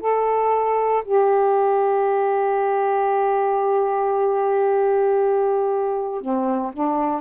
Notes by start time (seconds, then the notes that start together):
0.00 A4
1.04 G4
6.21 C4
6.72 D4